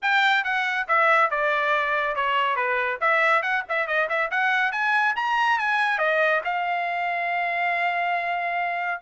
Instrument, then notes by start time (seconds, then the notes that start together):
trumpet
0.02 G5
0.44 F#5
0.88 E5
1.30 D5
2.15 C#5
2.56 B4
3.00 E5
3.42 F#5
3.68 E5
3.87 D#5
4.09 E5
4.31 F#5
4.72 G#5
5.15 A#5
5.58 G#5
5.98 D#5
6.44 F5